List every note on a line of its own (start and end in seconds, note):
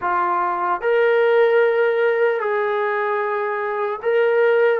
0.01 0.81 F4
0.81 2.40 A#4
2.40 4.00 G#4
4.02 4.80 A#4